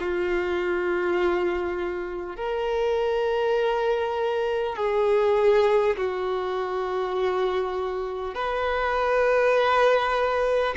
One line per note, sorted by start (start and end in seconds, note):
0.00 2.37 F4
2.37 4.76 A#4
4.76 5.96 G#4
5.97 8.35 F#4
8.35 10.75 B4